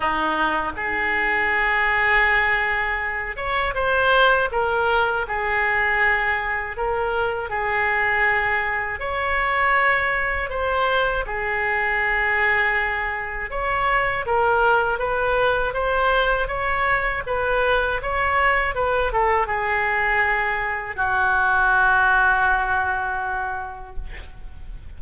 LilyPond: \new Staff \with { instrumentName = "oboe" } { \time 4/4 \tempo 4 = 80 dis'4 gis'2.~ | gis'8 cis''8 c''4 ais'4 gis'4~ | gis'4 ais'4 gis'2 | cis''2 c''4 gis'4~ |
gis'2 cis''4 ais'4 | b'4 c''4 cis''4 b'4 | cis''4 b'8 a'8 gis'2 | fis'1 | }